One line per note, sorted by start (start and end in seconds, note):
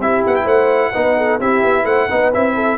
0.00 0.23 C4
0.00 0.94 E4
0.00 0.44 G4
0.00 0.25 E5
0.27 0.46 B3
0.27 0.36 F#5
0.36 0.48 G5
0.44 0.92 A3
0.44 0.91 C5
0.44 1.41 F#5
0.93 1.41 B3
0.93 1.41 D#4
0.93 1.16 B4
1.18 1.41 A4
1.41 1.64 C4
1.41 2.10 E4
1.41 1.84 G4
1.41 1.86 E5
1.64 1.85 B3
1.84 2.08 A3
1.84 2.08 C5
1.84 2.32 F#5
2.10 2.35 B3
2.10 2.33 D#4
2.10 2.55 B4
2.34 2.79 C4
2.34 2.79 E4
2.34 2.79 E5
2.55 2.79 A4